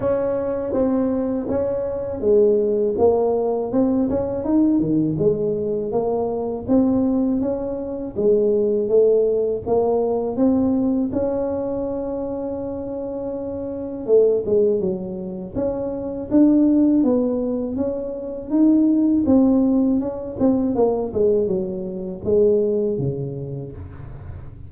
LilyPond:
\new Staff \with { instrumentName = "tuba" } { \time 4/4 \tempo 4 = 81 cis'4 c'4 cis'4 gis4 | ais4 c'8 cis'8 dis'8 dis8 gis4 | ais4 c'4 cis'4 gis4 | a4 ais4 c'4 cis'4~ |
cis'2. a8 gis8 | fis4 cis'4 d'4 b4 | cis'4 dis'4 c'4 cis'8 c'8 | ais8 gis8 fis4 gis4 cis4 | }